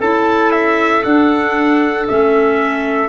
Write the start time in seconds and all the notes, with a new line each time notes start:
0.00 C#4 E4 A4 A5
0.52 E5
1.03 D4 F#5
2.08 A3 C#4 E5